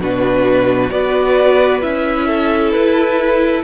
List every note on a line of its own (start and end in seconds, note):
0.00 0.91 B2
0.00 0.91 D4
0.00 0.92 F#4
0.00 0.91 B4
0.91 1.83 B3
0.91 1.81 F#4
0.91 2.27 B4
0.91 1.82 D5
1.81 2.75 C#4
1.81 3.63 E4
1.81 2.72 E5
2.27 3.63 A4
2.72 3.64 E4
2.72 3.63 B4